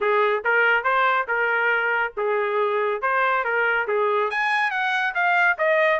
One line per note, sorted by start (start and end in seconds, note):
0.00 0.43 G#4
0.44 0.83 A#4
0.83 1.26 C5
1.27 2.13 A#4
2.16 3.01 G#4
3.01 3.44 C5
3.44 3.87 A#4
3.87 4.30 G#4
4.30 4.70 G#5
4.70 5.13 F#5
5.14 5.57 F5
5.58 6.00 D#5